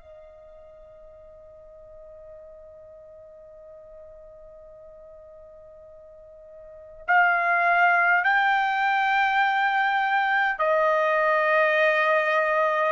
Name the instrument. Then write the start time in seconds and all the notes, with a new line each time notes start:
trumpet
0.00 D#5
7.07 F5
8.25 G5
10.59 D#5